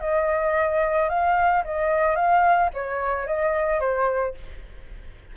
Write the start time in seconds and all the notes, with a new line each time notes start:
0.00 D#5
1.09 F5
1.64 D#5
2.16 F5
2.73 C#5
3.27 D#5
3.80 C5